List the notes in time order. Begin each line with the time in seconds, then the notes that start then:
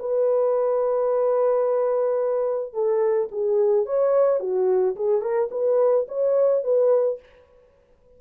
0.00 B4
2.74 A4
3.32 G#4
3.86 C#5
4.40 F#4
4.96 G#4
5.22 A#4
5.52 B4
6.09 C#5
6.64 B4